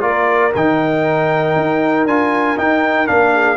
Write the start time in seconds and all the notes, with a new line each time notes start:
0.00 A#3 F4 A#4 D5
0.55 D#3 D#4 G5
1.56 D#4
2.05 D4 F4 G#5
2.57 D#4 G5
3.07 A#3 D4 F5
3.35 G#4